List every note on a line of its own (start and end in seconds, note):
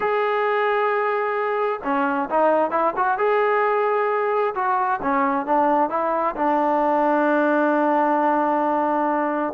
0.00 1.80 G#4
1.83 2.29 C#4
2.30 2.70 D#4
2.70 2.93 E4
2.96 3.18 F#4
3.18 4.54 G#4
4.54 5.00 F#4
5.02 5.45 C#4
5.45 5.89 D4
5.89 6.35 E4
6.35 9.53 D4